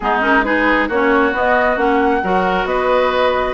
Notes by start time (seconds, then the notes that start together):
0.00 G#3 B3 D#4 G#4
0.21 C#4 A#4
0.44 D#4 G#4 B4
0.88 A#3 C#4 F#4 C#5
1.32 B3 D#5
1.76 A#3 C#4 F#5
2.23 F#3 F#4 A#4
2.64 B3 B4 D#5